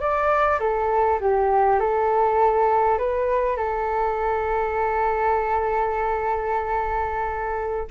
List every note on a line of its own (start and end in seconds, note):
0.00 0.59 D5
0.60 1.19 A4
1.20 1.80 G4
1.80 2.98 A4
2.98 3.56 B4
3.56 7.87 A4